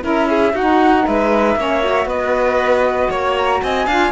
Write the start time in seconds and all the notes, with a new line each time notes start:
0.00 C#4 E4 A#4 E5
0.29 G#4
0.53 D#4 F#4 F#5
1.06 G#3 B4 E5
1.55 A#3 C#4 C#5
1.82 F#4
2.05 B3 B4 D#5
3.10 A#3 C#5
3.37 A#5
3.63 C4 D#5 G#5
3.86 D4 F4 F5